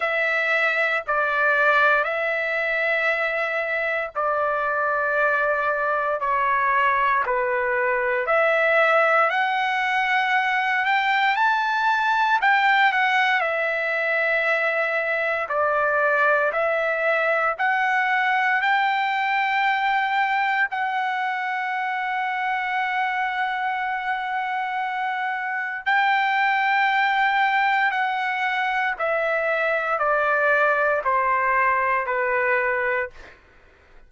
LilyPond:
\new Staff \with { instrumentName = "trumpet" } { \time 4/4 \tempo 4 = 58 e''4 d''4 e''2 | d''2 cis''4 b'4 | e''4 fis''4. g''8 a''4 | g''8 fis''8 e''2 d''4 |
e''4 fis''4 g''2 | fis''1~ | fis''4 g''2 fis''4 | e''4 d''4 c''4 b'4 | }